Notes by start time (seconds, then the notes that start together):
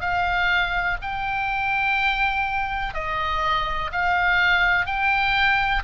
0.00 F5
1.02 G5
2.94 D#5
3.92 F5
4.86 G5